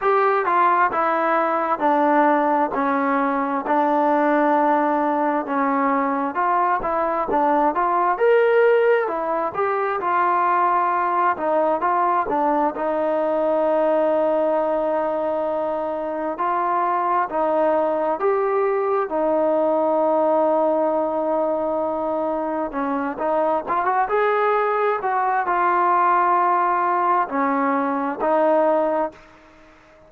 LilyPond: \new Staff \with { instrumentName = "trombone" } { \time 4/4 \tempo 4 = 66 g'8 f'8 e'4 d'4 cis'4 | d'2 cis'4 f'8 e'8 | d'8 f'8 ais'4 e'8 g'8 f'4~ | f'8 dis'8 f'8 d'8 dis'2~ |
dis'2 f'4 dis'4 | g'4 dis'2.~ | dis'4 cis'8 dis'8 f'16 fis'16 gis'4 fis'8 | f'2 cis'4 dis'4 | }